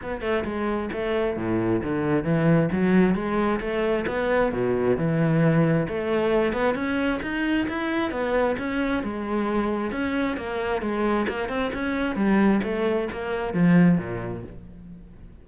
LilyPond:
\new Staff \with { instrumentName = "cello" } { \time 4/4 \tempo 4 = 133 b8 a8 gis4 a4 a,4 | d4 e4 fis4 gis4 | a4 b4 b,4 e4~ | e4 a4. b8 cis'4 |
dis'4 e'4 b4 cis'4 | gis2 cis'4 ais4 | gis4 ais8 c'8 cis'4 g4 | a4 ais4 f4 ais,4 | }